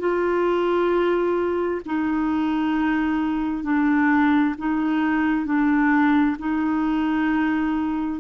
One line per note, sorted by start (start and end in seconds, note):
0.00 1.82 F4
1.86 3.64 D#4
3.64 4.55 D4
4.59 5.46 D#4
5.46 6.37 D4
6.39 8.21 D#4